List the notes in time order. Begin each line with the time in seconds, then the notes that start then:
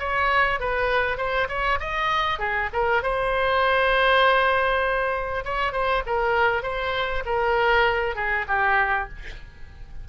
0.00 C#5
0.60 B4
1.18 C5
1.49 C#5
1.80 D#5
2.39 G#4
2.73 A#4
3.03 C5
5.45 C#5
5.72 C5
6.06 A#4
6.63 C5
7.26 A#4
8.16 G#4
8.48 G4